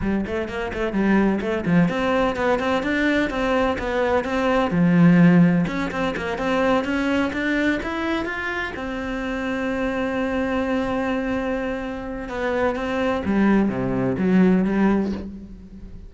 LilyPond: \new Staff \with { instrumentName = "cello" } { \time 4/4 \tempo 4 = 127 g8 a8 ais8 a8 g4 a8 f8 | c'4 b8 c'8 d'4 c'4 | b4 c'4 f2 | cis'8 c'8 ais8 c'4 cis'4 d'8~ |
d'8 e'4 f'4 c'4.~ | c'1~ | c'2 b4 c'4 | g4 c4 fis4 g4 | }